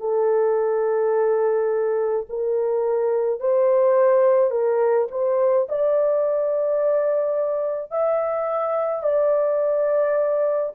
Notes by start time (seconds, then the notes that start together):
0.00 A4
2.29 A#4
3.40 C5
4.51 A#4
5.11 C5
5.69 D5
7.91 E5
9.03 D5